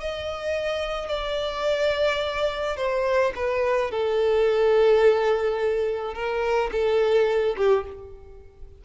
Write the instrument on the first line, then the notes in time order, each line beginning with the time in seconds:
violin
0.00 D#5
1.08 D5
2.77 C5
3.35 B4
3.91 A4
6.14 A#4
6.71 A4
7.57 G4